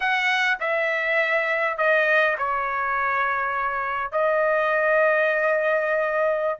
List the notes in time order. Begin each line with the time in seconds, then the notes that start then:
0.00 F#5
0.60 E5
1.77 D#5
2.37 C#5
4.11 D#5